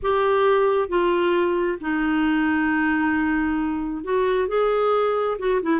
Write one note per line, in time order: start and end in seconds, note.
0.02 0.89 G4
0.89 1.78 F4
1.80 4.04 D#4
4.04 4.48 F#4
4.48 5.37 G#4
5.39 5.61 F#4
5.62 5.80 E4